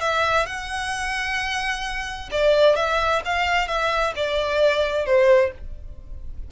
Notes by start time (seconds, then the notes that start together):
0.00 E5
0.46 F#5
2.31 D5
2.76 E5
3.25 F5
3.67 E5
4.16 D5
5.05 C5